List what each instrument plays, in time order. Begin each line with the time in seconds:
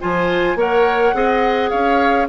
0.00 bassoon F3, clarinet F4, oboe C5, flute G#5
0.55 bassoon A#3, clarinet A#4, oboe C#5, flute F#5
1.13 bassoon C4, clarinet G#4, oboe D#5
1.69 bassoon C#4, oboe C#5, flute F5